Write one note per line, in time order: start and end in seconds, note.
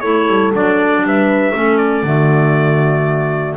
0.00 0.27 A3
0.00 0.53 E4
0.00 1.02 A4
0.00 0.51 C#5
0.27 0.53 G3
0.53 1.01 F#3
0.53 1.53 D4
0.53 1.06 D5
1.01 1.52 G3
1.01 1.55 B4
1.01 1.77 E5
1.53 2.03 A3
1.53 2.04 C#4
1.53 2.06 A4
1.77 3.55 D5
2.03 3.55 D3
2.03 3.57 A3
2.03 3.57 F#4